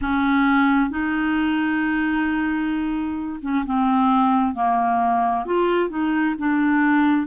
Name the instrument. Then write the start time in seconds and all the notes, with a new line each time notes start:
clarinet
0.01 C#4
0.90 D#4
3.42 C#4
3.65 C4
4.54 A#3
5.45 F4
5.89 D#4
6.38 D4